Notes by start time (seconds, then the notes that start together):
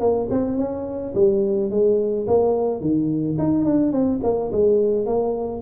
0.00 A#3
0.30 C4
0.57 C#4
1.14 G3
1.71 G#3
2.27 A#3
2.81 D#3
3.38 D#4
3.65 D4
3.92 C4
4.23 A#3
4.52 G#3
5.06 A#3